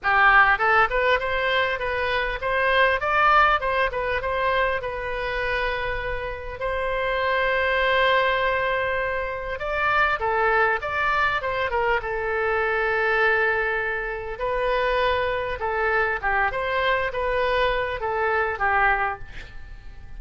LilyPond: \new Staff \with { instrumentName = "oboe" } { \time 4/4 \tempo 4 = 100 g'4 a'8 b'8 c''4 b'4 | c''4 d''4 c''8 b'8 c''4 | b'2. c''4~ | c''1 |
d''4 a'4 d''4 c''8 ais'8 | a'1 | b'2 a'4 g'8 c''8~ | c''8 b'4. a'4 g'4 | }